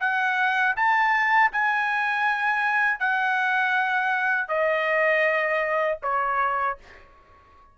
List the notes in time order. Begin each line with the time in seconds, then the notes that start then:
0.00 F#5
0.76 A5
1.52 G#5
2.99 F#5
4.48 D#5
6.02 C#5